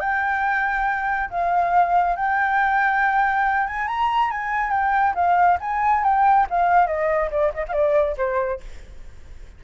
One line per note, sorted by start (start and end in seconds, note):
0.00 1.29 G5
1.30 2.16 F5
2.16 3.67 G5
3.67 3.88 G#5
3.88 4.31 A#5
4.31 4.71 G#5
4.71 5.14 G5
5.15 5.58 F5
5.60 6.04 G#5
6.04 6.47 G5
6.50 6.87 F5
6.87 7.30 D#5
7.31 7.52 D5
7.54 7.65 D#5
7.68 8.16 D5
7.68 7.73 F5
8.17 8.60 C5